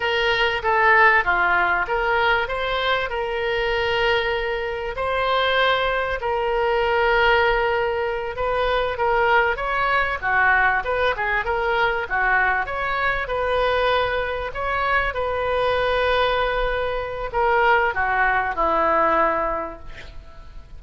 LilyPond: \new Staff \with { instrumentName = "oboe" } { \time 4/4 \tempo 4 = 97 ais'4 a'4 f'4 ais'4 | c''4 ais'2. | c''2 ais'2~ | ais'4. b'4 ais'4 cis''8~ |
cis''8 fis'4 b'8 gis'8 ais'4 fis'8~ | fis'8 cis''4 b'2 cis''8~ | cis''8 b'2.~ b'8 | ais'4 fis'4 e'2 | }